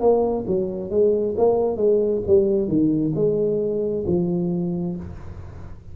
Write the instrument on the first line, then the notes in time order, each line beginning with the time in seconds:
tuba
0.00 A#3
0.47 F#3
0.90 G#3
1.37 A#3
1.76 G#3
2.27 G3
2.67 D#3
3.15 G#3
4.06 F3